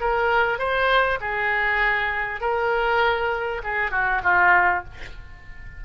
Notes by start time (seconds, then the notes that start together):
0.00 A#4
0.59 C5
1.21 G#4
2.41 A#4
3.64 G#4
3.91 F#4
4.24 F4